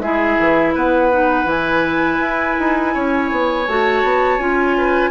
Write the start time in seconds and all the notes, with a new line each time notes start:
0.00 G#3 E4 G#4 E5
0.39 E3
0.75 B3 B4 F#5
1.12 D#4
1.45 E3 E4 G#5
2.19 E4
2.60 D#4
2.94 C#4 C#5
3.32 B3
3.68 A3 F#4 A5
4.04 B3
4.38 C#4 F4 G#5
4.78 B4